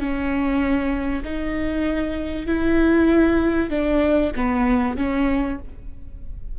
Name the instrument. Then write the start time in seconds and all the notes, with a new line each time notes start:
viola
0.00 C#4
1.24 D#4
2.47 E4
3.71 D4
4.36 B3
4.97 C#4